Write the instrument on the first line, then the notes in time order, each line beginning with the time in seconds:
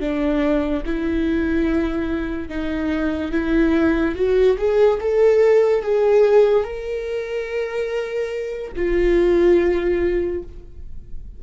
viola
0.00 D4
0.86 E4
2.49 D#4
3.32 E4
4.16 F#4
4.58 G#4
5.00 A4
5.83 G#4
6.64 A#4
8.77 F4